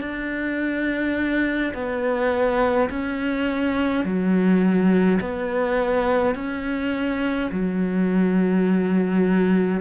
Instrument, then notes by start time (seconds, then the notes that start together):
cello
0.00 D4
1.74 B3
2.90 C#4
4.04 F#3
5.20 B3
6.35 C#4
7.51 F#3